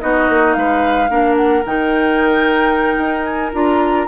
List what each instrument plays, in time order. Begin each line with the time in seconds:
0.00 bassoon B3, clarinet D#4, oboe F#4, flute D#5
0.29 bassoon A#3
0.54 bassoon G#3, oboe B4, flute F5
1.09 bassoon A#3, clarinet D4, oboe A#4
1.36 flute F#5
1.65 bassoon D#3, clarinet D#4, flute G5
2.98 bassoon D#4
3.23 flute G#5
3.53 bassoon D4, clarinet F4, flute A#5